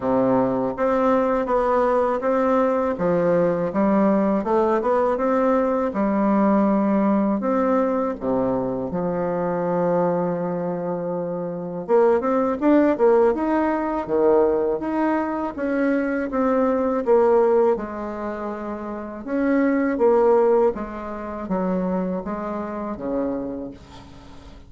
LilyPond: \new Staff \with { instrumentName = "bassoon" } { \time 4/4 \tempo 4 = 81 c4 c'4 b4 c'4 | f4 g4 a8 b8 c'4 | g2 c'4 c4 | f1 |
ais8 c'8 d'8 ais8 dis'4 dis4 | dis'4 cis'4 c'4 ais4 | gis2 cis'4 ais4 | gis4 fis4 gis4 cis4 | }